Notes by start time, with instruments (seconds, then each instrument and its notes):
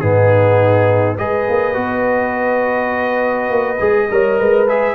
0.00 tuba G#2, trombone B3, horn D#4, trumpet G#4
1.18 tuba G#3, trombone G#4, horn B4, trumpet D#5
1.49 tuba A#3
1.74 tuba B3, trombone F#4
3.50 tuba A#3
3.80 tuba G#3, trombone G#4
4.11 tuba G3, trombone A#4, horn C#5
4.40 tuba G#3, horn B4
4.68 trombone G#4, trumpet E5